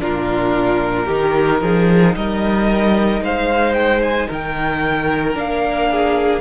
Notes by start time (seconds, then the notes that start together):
0.00 A#2 D4 F4 A#4
1.06 D#3 D#4 G4
1.62 F3 G#4
2.16 G3 A#4 D#5
3.21 G#3 C5 F5
3.75 G5
4.02 G#5
4.28 D#3 A#4 G5
5.34 A#3 D4 F5
5.92 G#4